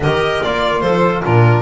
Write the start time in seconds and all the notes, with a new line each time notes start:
0.00 D#3 G4 A#4 D#5
0.42 A#3 F4 D5
0.80 F3 A4 C5
1.23 A#2 D4 F4 A#4